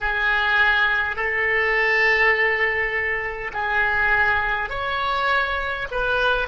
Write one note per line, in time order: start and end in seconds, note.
0.00 1.16 G#4
1.16 3.51 A4
3.53 4.69 G#4
4.69 5.87 C#5
5.91 6.48 B4